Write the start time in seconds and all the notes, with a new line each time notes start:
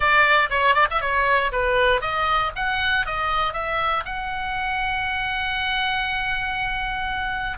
0.00 D5
0.50 C#5
0.74 D5
0.90 E5
1.01 C#5
1.51 B4
2.01 D#5
2.55 F#5
3.05 D#5
3.53 E5
4.05 F#5